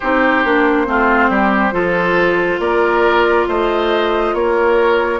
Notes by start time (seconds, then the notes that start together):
0.00 C4 D#4 G4 C5
0.44 A#3 D4
0.86 A3 C4 F4
1.29 G3 G4
1.71 F3 F4 A4
2.59 A#3 A#4 D5
3.47 A3 C5 D#5
4.33 A#3 A#4 C#5